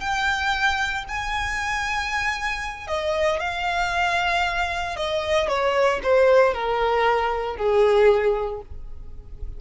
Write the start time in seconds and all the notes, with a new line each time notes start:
0.00 G5
1.08 G#5
2.87 D#5
3.40 F5
4.96 D#5
5.48 C#5
6.03 C5
6.54 A#4
7.56 G#4